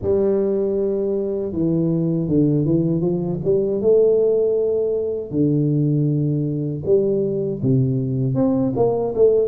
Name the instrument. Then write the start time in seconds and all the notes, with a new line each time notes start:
tuba
0.02 G3
1.52 E3
2.28 D3
2.65 E3
3.01 F3
3.44 G3
3.81 A3
5.31 D3
6.85 G3
7.62 C3
8.34 C4
8.75 A#3
9.15 A3